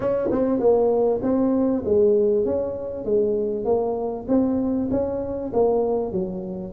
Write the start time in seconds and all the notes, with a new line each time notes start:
0.00 C#4
0.31 C4
0.59 A#3
1.22 C4
1.85 G#3
2.45 C#4
3.04 G#3
3.64 A#3
4.27 C4
4.90 C#4
5.53 A#3
6.11 F#3